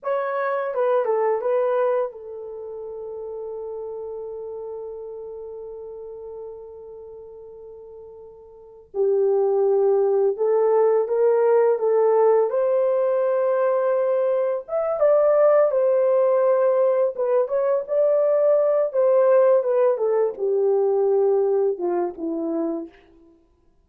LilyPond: \new Staff \with { instrumentName = "horn" } { \time 4/4 \tempo 4 = 84 cis''4 b'8 a'8 b'4 a'4~ | a'1~ | a'1~ | a'8 g'2 a'4 ais'8~ |
ais'8 a'4 c''2~ c''8~ | c''8 e''8 d''4 c''2 | b'8 cis''8 d''4. c''4 b'8 | a'8 g'2 f'8 e'4 | }